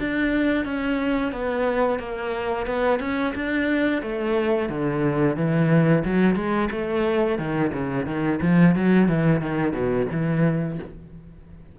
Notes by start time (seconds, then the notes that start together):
0.00 D4
0.65 C#4
1.33 B3
2.00 A#3
2.67 B3
3.00 C#4
3.35 D4
4.02 A3
4.70 D3
5.37 E3
6.05 F#3
6.36 G#3
6.72 A3
7.39 D#3
7.73 C#3
8.07 D#3
8.42 F3
8.76 F#3
9.09 E3
9.41 D#3
9.73 B2
10.12 E3